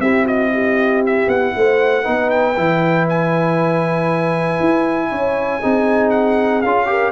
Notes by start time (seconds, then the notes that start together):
0.00 C4 E4 G4 E5
0.24 F#4 D#5
0.53 G4
1.06 E5
1.28 B3 F#5
1.57 A3 C5
2.04 B3 D#4 B4
2.30 G5
2.57 E3 E4
3.09 G#5
4.60 E4
5.11 C#4 C#5
5.60 C4 D#4 G#4
6.11 F#5
6.62 C#4 F4 F5
6.87 G4 A#4